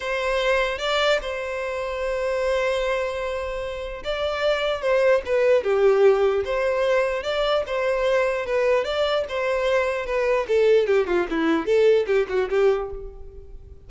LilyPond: \new Staff \with { instrumentName = "violin" } { \time 4/4 \tempo 4 = 149 c''2 d''4 c''4~ | c''1~ | c''2 d''2 | c''4 b'4 g'2 |
c''2 d''4 c''4~ | c''4 b'4 d''4 c''4~ | c''4 b'4 a'4 g'8 f'8 | e'4 a'4 g'8 fis'8 g'4 | }